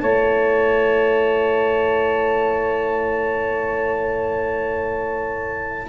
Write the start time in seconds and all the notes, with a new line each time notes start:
0.00 A3 E4 C#5 A5